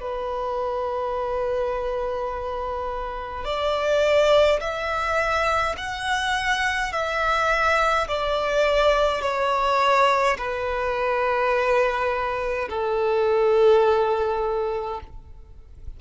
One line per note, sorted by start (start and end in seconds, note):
0.00 3.44 B4
3.44 4.59 D5
4.60 5.75 E5
5.77 6.92 F#5
6.92 8.07 E5
8.08 9.22 D5
9.22 10.37 C#5
10.37 12.68 B4
12.69 15.00 A4